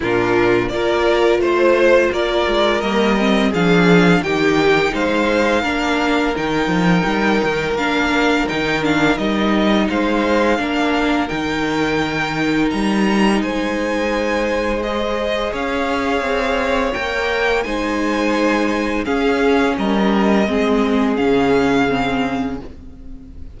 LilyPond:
<<
  \new Staff \with { instrumentName = "violin" } { \time 4/4 \tempo 4 = 85 ais'4 d''4 c''4 d''4 | dis''4 f''4 g''4 f''4~ | f''4 g''2 f''4 | g''8 f''8 dis''4 f''2 |
g''2 ais''4 gis''4~ | gis''4 dis''4 f''2 | g''4 gis''2 f''4 | dis''2 f''2 | }
  \new Staff \with { instrumentName = "violin" } { \time 4/4 f'4 ais'4 c''4 ais'4~ | ais'4 gis'4 g'4 c''4 | ais'1~ | ais'2 c''4 ais'4~ |
ais'2. c''4~ | c''2 cis''2~ | cis''4 c''2 gis'4 | ais'4 gis'2. | }
  \new Staff \with { instrumentName = "viola" } { \time 4/4 d'4 f'2. | ais8 c'8 d'4 dis'2 | d'4 dis'2 d'4 | dis'8 d'8 dis'2 d'4 |
dis'1~ | dis'4 gis'2. | ais'4 dis'2 cis'4~ | cis'4 c'4 cis'4 c'4 | }
  \new Staff \with { instrumentName = "cello" } { \time 4/4 ais,4 ais4 a4 ais8 gis8 | g4 f4 dis4 gis4 | ais4 dis8 f8 g8 dis8 ais4 | dis4 g4 gis4 ais4 |
dis2 g4 gis4~ | gis2 cis'4 c'4 | ais4 gis2 cis'4 | g4 gis4 cis2 | }
>>